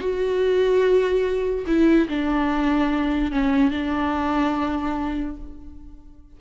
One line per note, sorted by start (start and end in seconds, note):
0.00 1.66 F#4
1.67 2.08 E4
2.09 3.32 D4
3.32 3.71 C#4
3.71 5.37 D4